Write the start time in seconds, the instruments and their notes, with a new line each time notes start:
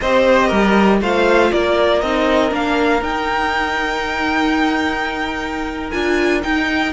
0.00 cello C4, viola G4, violin C5 D#5
0.47 cello G3, violin A#4
1.01 cello A3, viola F4, violin C5 F5
1.51 cello A#3, violin A#4 D5
2.01 cello C4, viola D#4, violin D#5
2.49 cello A#3, viola D4, violin F5
3.01 cello D#4, viola D#4, violin G5
5.90 cello D4, viola F4, violin G#5
6.41 viola D#4, cello D#4, violin G5